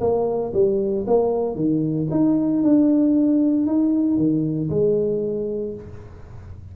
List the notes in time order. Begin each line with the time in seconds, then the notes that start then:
0.00 A#3
0.53 G3
1.06 A#3
1.55 D#3
2.10 D#4
2.63 D4
3.66 D#4
4.17 D#3
4.70 G#3